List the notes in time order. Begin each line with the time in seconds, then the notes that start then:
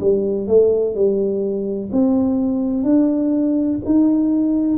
0.00 G3
0.47 A3
0.94 G3
1.92 C4
2.83 D4
3.85 D#4